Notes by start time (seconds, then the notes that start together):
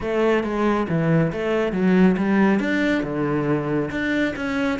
0.00 A3
0.43 G#3
0.88 E3
1.32 A3
1.72 F#3
2.17 G3
2.59 D4
3.03 D3
3.90 D4
4.36 C#4